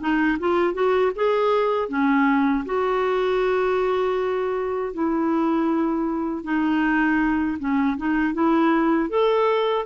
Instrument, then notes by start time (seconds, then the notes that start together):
clarinet
0.00 D#4
0.39 F4
0.73 F#4
1.15 G#4
1.88 C#4
2.65 F#4
4.93 E4
6.43 D#4
7.58 C#4
7.97 D#4
8.34 E4
9.09 A4